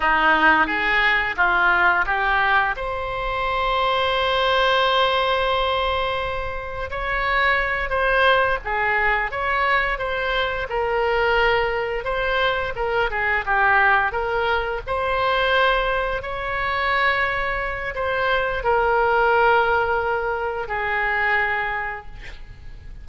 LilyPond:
\new Staff \with { instrumentName = "oboe" } { \time 4/4 \tempo 4 = 87 dis'4 gis'4 f'4 g'4 | c''1~ | c''2 cis''4. c''8~ | c''8 gis'4 cis''4 c''4 ais'8~ |
ais'4. c''4 ais'8 gis'8 g'8~ | g'8 ais'4 c''2 cis''8~ | cis''2 c''4 ais'4~ | ais'2 gis'2 | }